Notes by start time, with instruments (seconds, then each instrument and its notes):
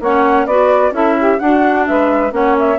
0.00 bassoon A#3, clarinet C#4, saxophone C#5, flute F#5
0.46 bassoon B3, clarinet F#4, saxophone B4, flute D5
0.91 bassoon C#4, clarinet E4, saxophone A4, flute E5
1.18 saxophone G4
1.39 clarinet D4, bassoon D4, saxophone F#4, flute F#5
1.86 bassoon G#3, saxophone B4, flute E5
2.31 bassoon A#3, clarinet C#4, saxophone C#5, flute F#5
2.59 flute E5